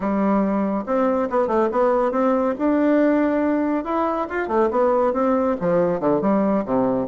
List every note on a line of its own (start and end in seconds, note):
0.00 0.85 G3
0.86 1.29 C4
1.30 1.47 B3
1.47 1.69 A3
1.71 2.11 B3
2.11 2.54 C4
2.58 3.84 D4
3.84 4.27 E4
4.29 4.48 F4
4.48 4.69 A3
4.70 5.13 B3
5.13 5.56 C4
5.60 6.00 F3
6.00 6.21 D3
6.21 6.64 G3
6.65 7.07 C3